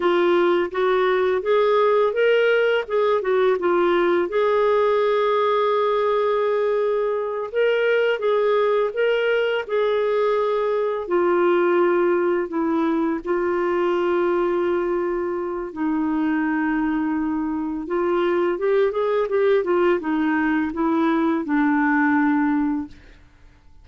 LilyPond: \new Staff \with { instrumentName = "clarinet" } { \time 4/4 \tempo 4 = 84 f'4 fis'4 gis'4 ais'4 | gis'8 fis'8 f'4 gis'2~ | gis'2~ gis'8 ais'4 gis'8~ | gis'8 ais'4 gis'2 f'8~ |
f'4. e'4 f'4.~ | f'2 dis'2~ | dis'4 f'4 g'8 gis'8 g'8 f'8 | dis'4 e'4 d'2 | }